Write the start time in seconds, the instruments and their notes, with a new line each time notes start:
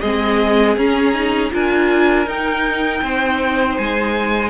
0.00 cello G#3, viola C4, violin G#4 D#5
0.76 cello C#4, viola C#4, violin A#5
1.14 viola D#4
1.51 cello D4, viola F4, violin A#4 G#5
2.26 viola D#4, cello D#4, violin G5
3.02 cello C4, violin C5
3.78 cello G#3, violin G#5